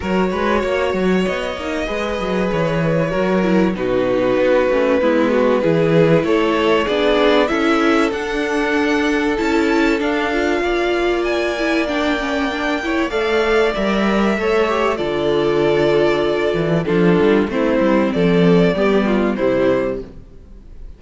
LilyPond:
<<
  \new Staff \with { instrumentName = "violin" } { \time 4/4 \tempo 4 = 96 cis''2 dis''2 | cis''2 b'2~ | b'2 cis''4 d''4 | e''4 fis''2 a''4 |
f''2 gis''4 g''4~ | g''4 f''4 e''2 | d''2. a'4 | c''4 d''2 c''4 | }
  \new Staff \with { instrumentName = "violin" } { \time 4/4 ais'8 b'8 cis''2 b'4~ | b'4 ais'4 fis'2 | e'8 fis'8 gis'4 a'4 gis'4 | a'1~ |
a'4 d''2.~ | d''8 cis''8 d''2 cis''4 | a'2. f'4 | e'4 a'4 g'8 f'8 e'4 | }
  \new Staff \with { instrumentName = "viola" } { \time 4/4 fis'2~ fis'8 dis'8 gis'4~ | gis'4 fis'8 e'8 dis'4. cis'8 | b4 e'2 d'4 | e'4 d'2 e'4 |
d'8 f'2 e'8 d'8 cis'8 | d'8 e'8 a'4 ais'4 a'8 g'8 | f'2. d'4 | c'2 b4 g4 | }
  \new Staff \with { instrumentName = "cello" } { \time 4/4 fis8 gis8 ais8 fis8 b8 ais8 gis8 fis8 | e4 fis4 b,4 b8 a8 | gis4 e4 a4 b4 | cis'4 d'2 cis'4 |
d'4 ais2.~ | ais4 a4 g4 a4 | d2~ d8 e8 f8 g8 | a8 g8 f4 g4 c4 | }
>>